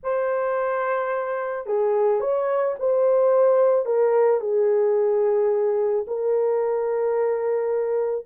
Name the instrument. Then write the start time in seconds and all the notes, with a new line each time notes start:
horn
0.03 C5
1.66 G#4
2.20 C#5
2.79 C5
3.85 A#4
4.40 G#4
6.07 A#4